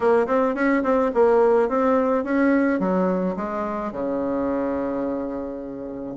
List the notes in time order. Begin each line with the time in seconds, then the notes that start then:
0.00 A#3
0.27 C4
0.55 C#4
0.83 C4
1.14 A#3
1.68 C4
2.24 C#4
2.79 F#3
3.36 G#3
3.92 C#3